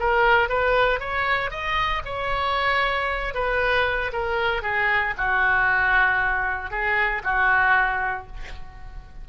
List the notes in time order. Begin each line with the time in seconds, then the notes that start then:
0.00 A#4
0.50 B4
1.00 C#5
1.51 D#5
2.06 C#5
3.35 B4
4.13 A#4
4.63 G#4
5.18 F#4
6.71 G#4
7.24 F#4